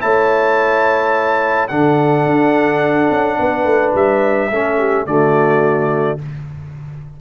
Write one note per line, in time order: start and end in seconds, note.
0.00 1.71 A3
0.00 1.68 E4
0.00 1.71 C#5
0.00 1.68 A5
1.68 2.26 D3
1.68 4.52 D4
1.68 3.39 A4
1.68 3.93 F#5
2.26 3.10 D4
3.11 3.39 C#4
3.39 3.65 B3
3.39 4.51 B4
3.65 3.93 A3
3.95 4.51 G3
3.95 5.07 E5
4.51 5.06 A3
4.51 5.07 C#4
4.51 4.78 A4
4.78 5.06 G4
5.06 6.18 D3
5.06 6.19 A3
5.06 6.21 F#4
5.06 6.19 D5